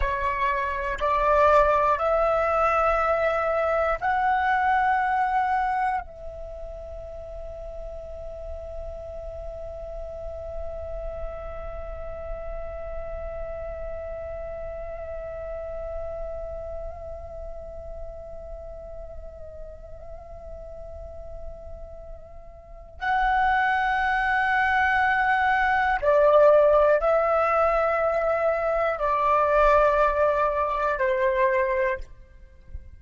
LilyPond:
\new Staff \with { instrumentName = "flute" } { \time 4/4 \tempo 4 = 60 cis''4 d''4 e''2 | fis''2 e''2~ | e''1~ | e''1~ |
e''1~ | e''2. fis''4~ | fis''2 d''4 e''4~ | e''4 d''2 c''4 | }